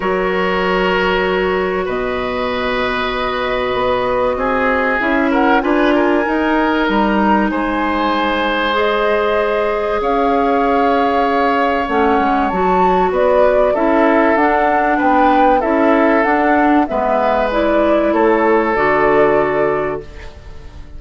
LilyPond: <<
  \new Staff \with { instrumentName = "flute" } { \time 4/4 \tempo 4 = 96 cis''2. dis''4~ | dis''1 | e''8 fis''8 gis''2 ais''4 | gis''2 dis''2 |
f''2. fis''4 | a''4 d''4 e''4 fis''4 | g''4 e''4 fis''4 e''4 | d''4 cis''4 d''2 | }
  \new Staff \with { instrumentName = "oboe" } { \time 4/4 ais'2. b'4~ | b'2. gis'4~ | gis'8 ais'8 b'8 ais'2~ ais'8 | c''1 |
cis''1~ | cis''4 b'4 a'2 | b'4 a'2 b'4~ | b'4 a'2. | }
  \new Staff \with { instrumentName = "clarinet" } { \time 4/4 fis'1~ | fis'1 | e'4 f'4 dis'2~ | dis'2 gis'2~ |
gis'2. cis'4 | fis'2 e'4 d'4~ | d'4 e'4 d'4 b4 | e'2 fis'2 | }
  \new Staff \with { instrumentName = "bassoon" } { \time 4/4 fis2. b,4~ | b,2 b4 c'4 | cis'4 d'4 dis'4 g4 | gis1 |
cis'2. a8 gis8 | fis4 b4 cis'4 d'4 | b4 cis'4 d'4 gis4~ | gis4 a4 d2 | }
>>